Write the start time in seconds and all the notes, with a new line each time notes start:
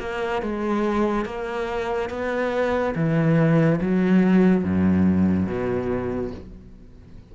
0.00 A#3
0.42 G#3
1.26 A#3
2.10 B3
2.95 E3
3.81 F#3
4.64 F#2
5.47 B2